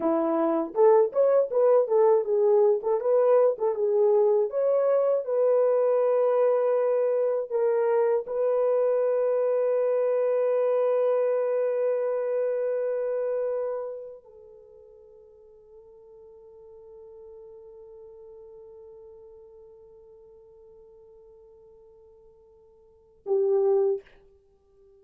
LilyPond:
\new Staff \with { instrumentName = "horn" } { \time 4/4 \tempo 4 = 80 e'4 a'8 cis''8 b'8 a'8 gis'8. a'16 | b'8. a'16 gis'4 cis''4 b'4~ | b'2 ais'4 b'4~ | b'1~ |
b'2. a'4~ | a'1~ | a'1~ | a'2. g'4 | }